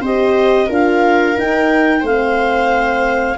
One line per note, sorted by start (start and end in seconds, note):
0.00 0.67 C4
0.00 0.69 G4
0.00 0.67 C5
0.00 0.71 D#5
0.67 1.36 D4
0.67 1.34 F4
0.67 2.00 A#4
0.67 1.38 F5
1.34 2.02 D#4
1.34 2.06 G5
2.00 3.37 A3
2.00 3.38 C4
2.00 3.34 C5
2.06 3.38 F5